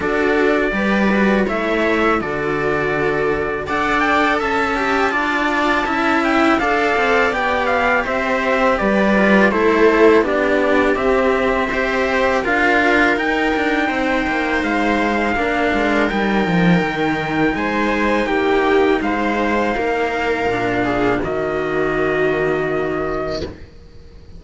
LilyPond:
<<
  \new Staff \with { instrumentName = "trumpet" } { \time 4/4 \tempo 4 = 82 d''2 e''4 d''4~ | d''4 fis''8 g''8 a''2~ | a''8 g''8 f''4 g''8 f''8 e''4 | d''4 c''4 d''4 e''4~ |
e''4 f''4 g''2 | f''2 g''2 | gis''4 g''4 f''2~ | f''4 dis''2. | }
  \new Staff \with { instrumentName = "viola" } { \time 4/4 a'4 b'4 cis''4 a'4~ | a'4 d''4 e''4 d''4 | e''4 d''2 c''4 | b'4 a'4 g'2 |
c''4 ais'2 c''4~ | c''4 ais'2. | c''4 g'4 c''4 ais'4~ | ais'8 gis'8 fis'2. | }
  \new Staff \with { instrumentName = "cello" } { \time 4/4 fis'4 g'8 fis'8 e'4 fis'4~ | fis'4 a'4. g'8 f'4 | e'4 a'4 g'2~ | g'8 f'8 e'4 d'4 c'4 |
g'4 f'4 dis'2~ | dis'4 d'4 dis'2~ | dis'1 | d'4 ais2. | }
  \new Staff \with { instrumentName = "cello" } { \time 4/4 d'4 g4 a4 d4~ | d4 d'4 cis'4 d'4 | cis'4 d'8 c'8 b4 c'4 | g4 a4 b4 c'4~ |
c'4 d'4 dis'8 d'8 c'8 ais8 | gis4 ais8 gis8 g8 f8 dis4 | gis4 ais4 gis4 ais4 | ais,4 dis2. | }
>>